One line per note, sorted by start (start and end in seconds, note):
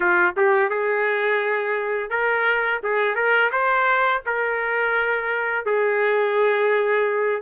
0.00 0.35 F4
0.37 0.69 G4
0.69 2.10 G#4
2.10 2.80 A#4
2.83 3.15 G#4
3.15 3.50 A#4
3.51 4.22 C5
4.25 5.65 A#4
5.65 7.41 G#4